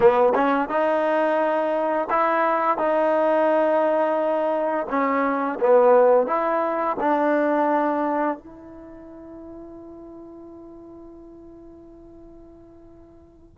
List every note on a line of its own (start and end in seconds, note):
0.00 0.33 B3
0.34 0.68 C#4
0.68 2.08 D#4
2.10 2.77 E4
2.77 4.86 D#4
4.89 5.59 C#4
5.60 6.27 B3
6.27 6.96 E4
7.00 8.38 D4
8.38 13.58 E4